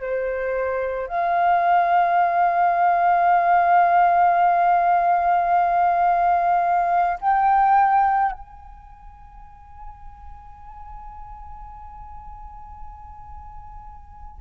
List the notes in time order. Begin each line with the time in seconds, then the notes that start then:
0.00 C5
1.07 F5
7.20 G5
8.32 G#5